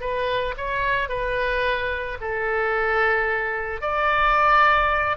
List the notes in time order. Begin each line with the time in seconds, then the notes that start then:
0.00 B4
0.57 C#5
1.09 B4
2.20 A4
3.81 D5